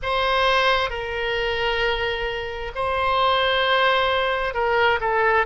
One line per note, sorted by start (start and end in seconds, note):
0.02 0.90 C5
0.90 2.71 A#4
2.75 4.54 C5
4.54 4.99 A#4
5.00 5.45 A4